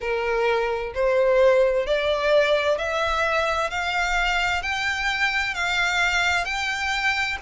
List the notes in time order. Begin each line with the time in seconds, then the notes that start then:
0.00 A#4
0.94 C5
1.86 D5
2.77 E5
3.70 F5
4.62 G5
5.54 F5
6.44 G5